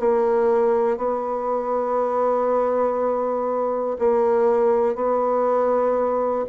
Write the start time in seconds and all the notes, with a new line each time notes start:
0.00 A#3
0.98 B3
3.99 A#3
4.95 B3